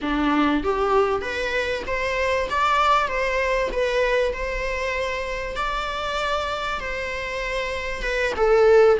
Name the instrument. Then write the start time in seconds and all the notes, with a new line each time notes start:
viola
0.01 D4
0.63 G4
1.21 B4
1.87 C5
2.50 D5
3.08 C5
3.71 B4
4.33 C5
5.56 D5
6.80 C5
8.02 B4
8.36 A4